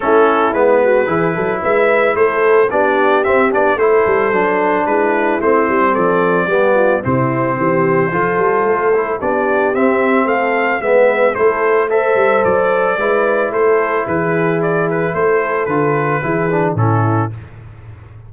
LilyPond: <<
  \new Staff \with { instrumentName = "trumpet" } { \time 4/4 \tempo 4 = 111 a'4 b'2 e''4 | c''4 d''4 e''8 d''8 c''4~ | c''4 b'4 c''4 d''4~ | d''4 c''2.~ |
c''4 d''4 e''4 f''4 | e''4 c''4 e''4 d''4~ | d''4 c''4 b'4 d''8 b'8 | c''4 b'2 a'4 | }
  \new Staff \with { instrumentName = "horn" } { \time 4/4 e'4. fis'8 gis'8 a'8 b'4 | a'4 g'2 a'4~ | a'4 e'2 a'4 | g'8 f'8 e'4 g'4 a'4~ |
a'4 g'2 a'4 | b'4 a'4 c''2 | b'4 a'4 gis'2 | a'2 gis'4 e'4 | }
  \new Staff \with { instrumentName = "trombone" } { \time 4/4 cis'4 b4 e'2~ | e'4 d'4 c'8 d'8 e'4 | d'2 c'2 | b4 c'2 f'4~ |
f'8 e'8 d'4 c'2 | b4 e'4 a'2 | e'1~ | e'4 f'4 e'8 d'8 cis'4 | }
  \new Staff \with { instrumentName = "tuba" } { \time 4/4 a4 gis4 e8 fis8 gis4 | a4 b4 c'8 b8 a8 g8 | fis4 gis4 a8 g8 f4 | g4 c4 e4 f8 g8 |
a4 b4 c'4 a4 | gis4 a4. g8 fis4 | gis4 a4 e2 | a4 d4 e4 a,4 | }
>>